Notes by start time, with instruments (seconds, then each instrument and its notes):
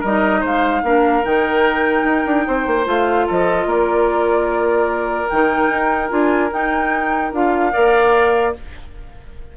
0.00 bassoon G3, clarinet D#4, oboe A#4, flute D#5
0.40 bassoon G#3, oboe C5, flute F5
0.82 bassoon A#3, clarinet D4, oboe A#4
1.23 bassoon D#3, clarinet D#4, flute G5
2.04 bassoon D#4
2.26 bassoon D4
2.47 bassoon C4, oboe C5
2.67 bassoon A#3
2.84 bassoon A3, clarinet F4, flute F5
3.26 bassoon F3, oboe A4, flute D#5
3.66 bassoon A#3, oboe A#4, flute D5
5.29 bassoon D#3, clarinet D#4, flute G5
5.69 bassoon D#4
6.09 bassoon D4, clarinet F4, flute G#5
6.52 bassoon D#4, clarinet D#4, flute G5
7.33 bassoon D4, clarinet F4, flute F5
7.72 bassoon A#3, clarinet A#4, oboe D5